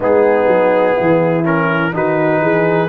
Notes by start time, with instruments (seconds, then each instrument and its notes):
0.00 tuba G#3, trombone B3, horn D#4, trumpet G#4
0.47 tuba F#3
0.95 tuba E3, horn E4
1.44 trombone C#4, trumpet A#4
1.92 tuba D#3, trombone D#4, horn F#4, trumpet B4
2.41 tuba E3, horn G#4